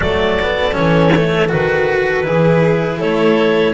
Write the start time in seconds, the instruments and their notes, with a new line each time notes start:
0.00 double bass F#3, cello A3, violin A4, clarinet D5
0.42 cello B3
0.72 double bass E3, cello C#4, clarinet C#5
1.16 cello A3
1.48 double bass D#3, cello F#4, clarinet B4
2.23 double bass E3, cello E4, violin G#4
2.99 double bass A3, violin A4, clarinet C#5